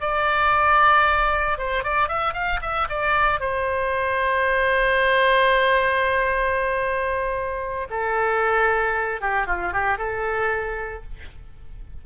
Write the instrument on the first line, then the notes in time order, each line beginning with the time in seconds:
oboe
0.00 D5
1.58 C5
1.83 D5
2.08 E5
2.33 F5
2.61 E5
2.89 D5
3.40 C5
7.89 A4
9.21 G4
9.46 F4
9.73 G4
9.98 A4